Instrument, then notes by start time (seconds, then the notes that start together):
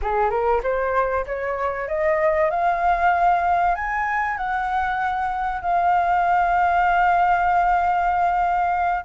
flute
0.02 G#4
0.30 A#4
0.63 C5
1.26 C#5
1.88 D#5
2.50 F5
3.75 G#5
4.37 F#5
5.61 F5